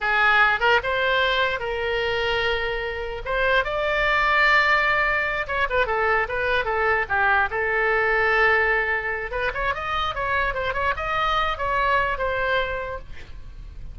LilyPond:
\new Staff \with { instrumentName = "oboe" } { \time 4/4 \tempo 4 = 148 gis'4. ais'8 c''2 | ais'1 | c''4 d''2.~ | d''4. cis''8 b'8 a'4 b'8~ |
b'8 a'4 g'4 a'4.~ | a'2. b'8 cis''8 | dis''4 cis''4 c''8 cis''8 dis''4~ | dis''8 cis''4. c''2 | }